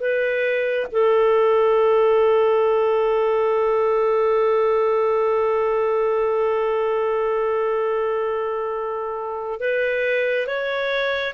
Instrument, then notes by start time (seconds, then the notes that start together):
clarinet
0.00 B4
0.92 A4
9.60 B4
10.47 C#5